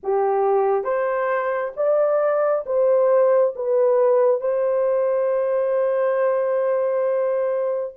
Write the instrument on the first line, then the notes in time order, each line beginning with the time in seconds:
horn
0.03 G4
0.84 C5
1.76 D5
2.66 C5
3.55 B4
4.40 C5